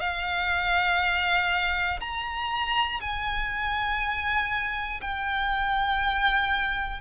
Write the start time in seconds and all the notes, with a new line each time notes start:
0.00 F5
2.00 A#5
3.01 G#5
5.01 G5